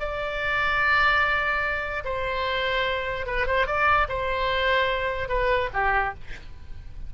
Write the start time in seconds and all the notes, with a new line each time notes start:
0.00 D5
2.05 C5
3.26 B4
3.47 C5
3.67 D5
4.09 C5
5.29 B4
5.73 G4